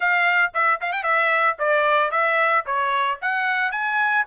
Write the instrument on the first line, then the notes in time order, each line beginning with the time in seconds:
trumpet
0.00 F5
0.54 E5
0.81 F5
0.92 G5
1.03 E5
1.58 D5
2.11 E5
2.65 C#5
3.21 F#5
3.71 G#5